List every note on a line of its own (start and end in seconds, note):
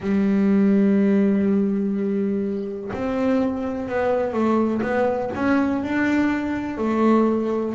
0.00 2.91 G3
2.93 3.88 C4
3.88 4.33 B3
4.33 4.81 A3
4.82 5.30 B3
5.34 5.83 C#4
5.83 6.77 D4
6.77 7.74 A3